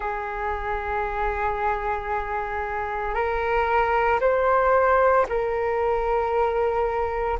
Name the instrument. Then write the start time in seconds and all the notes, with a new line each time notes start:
flute
0.00 G#4
3.14 A#4
4.20 C5
5.28 A#4